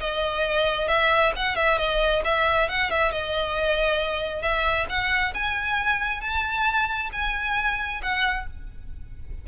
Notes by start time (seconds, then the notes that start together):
0.00 D#5
0.88 E5
1.36 F#5
1.56 E5
1.78 D#5
2.24 E5
2.68 F#5
2.90 E5
3.11 D#5
4.42 E5
4.89 F#5
5.34 G#5
6.21 A5
7.12 G#5
8.02 F#5